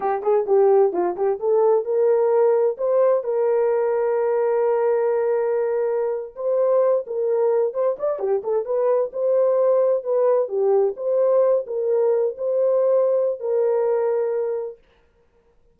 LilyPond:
\new Staff \with { instrumentName = "horn" } { \time 4/4 \tempo 4 = 130 g'8 gis'8 g'4 f'8 g'8 a'4 | ais'2 c''4 ais'4~ | ais'1~ | ais'4.~ ais'16 c''4. ais'8.~ |
ais'8. c''8 d''8 g'8 a'8 b'4 c''16~ | c''4.~ c''16 b'4 g'4 c''16~ | c''4~ c''16 ais'4. c''4~ c''16~ | c''4 ais'2. | }